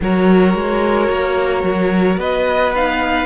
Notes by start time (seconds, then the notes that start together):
0.00 F#3 F#4 A#4 C#5
0.54 G#3
1.09 A#3
1.63 F#3
2.16 B3 B4 D#5
2.74 D#4 F5